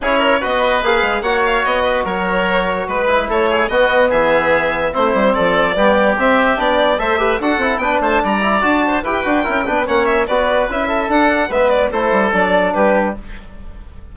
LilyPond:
<<
  \new Staff \with { instrumentName = "violin" } { \time 4/4 \tempo 4 = 146 cis''4 dis''4 f''4 fis''8 f''8 | dis''4 cis''2 b'4 | cis''4 dis''4 e''2 | c''4 d''2 e''4 |
d''4 e''4 fis''4 g''8 a''8 | ais''4 a''4 g''2 | fis''8 e''8 d''4 e''4 fis''4 | e''8 d''8 c''4 d''4 b'4 | }
  \new Staff \with { instrumentName = "oboe" } { \time 4/4 gis'8 ais'8 b'2 cis''4~ | cis''8 b'8 ais'2 b'4 | a'8 gis'8 fis'4 gis'2 | e'4 a'4 g'2~ |
g'4 c''8 b'8 a'4 b'8 c''8 | d''4. c''8 b'4 ais'8 b'8 | cis''4 b'4. a'4. | b'4 a'2 g'4 | }
  \new Staff \with { instrumentName = "trombone" } { \time 4/4 e'4 fis'4 gis'4 fis'4~ | fis'2.~ fis'8 e'8~ | e'4 b2. | c'2 b4 c'4 |
d'4 a'8 g'8 fis'8 e'8 d'4~ | d'8 e'8 fis'4 g'8 fis'8 e'8 d'8 | cis'4 fis'4 e'4 d'4 | b4 e'4 d'2 | }
  \new Staff \with { instrumentName = "bassoon" } { \time 4/4 cis'4 b4 ais8 gis8 ais4 | b4 fis2 gis4 | a4 b4 e2 | a8 g8 f4 g4 c'4 |
b4 a4 d'8 c'8 b8 a8 | g4 d'4 e'8 d'8 cis'8 b8 | ais4 b4 cis'4 d'4 | gis4 a8 g8 fis4 g4 | }
>>